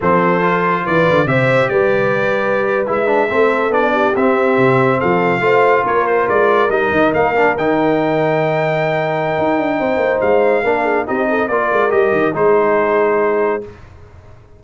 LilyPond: <<
  \new Staff \with { instrumentName = "trumpet" } { \time 4/4 \tempo 4 = 141 c''2 d''4 e''4 | d''2~ d''8. e''4~ e''16~ | e''8. d''4 e''2 f''16~ | f''4.~ f''16 cis''8 c''8 d''4 dis''16~ |
dis''8. f''4 g''2~ g''16~ | g''1 | f''2 dis''4 d''4 | dis''4 c''2. | }
  \new Staff \with { instrumentName = "horn" } { \time 4/4 a'2 b'4 c''4 | b'2.~ b'8. a'16~ | a'4~ a'16 g'2~ g'8 a'16~ | a'8. c''4 ais'2~ ais'16~ |
ais'1~ | ais'2. c''4~ | c''4 ais'8 gis'8 g'8 a'8 ais'4~ | ais'4 gis'2. | }
  \new Staff \with { instrumentName = "trombone" } { \time 4/4 c'4 f'2 g'4~ | g'2~ g'8. e'8 d'8 c'16~ | c'8. d'4 c'2~ c'16~ | c'8. f'2. dis'16~ |
dis'4~ dis'16 d'8 dis'2~ dis'16~ | dis'1~ | dis'4 d'4 dis'4 f'4 | g'4 dis'2. | }
  \new Staff \with { instrumentName = "tuba" } { \time 4/4 f2 e8 d8 c4 | g2~ g8. gis4 a16~ | a8. b4 c'4 c4 f16~ | f8. a4 ais4 gis4 g16~ |
g16 dis8 ais4 dis2~ dis16~ | dis2 dis'8 d'8 c'8 ais8 | gis4 ais4 c'4 ais8 gis8 | g8 dis8 gis2. | }
>>